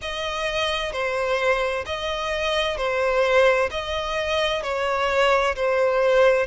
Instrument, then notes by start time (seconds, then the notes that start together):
violin
0.01 D#5
0.92 C5
1.85 D#5
2.77 C5
3.70 D#5
4.62 C#5
5.55 C5